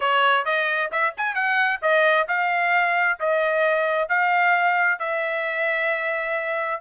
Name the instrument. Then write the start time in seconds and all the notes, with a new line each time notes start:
trumpet
0.00 C#5
0.45 D#5
0.91 E5
1.17 G#5
1.34 F#5
1.81 D#5
2.28 F5
3.19 D#5
4.08 F5
4.99 E5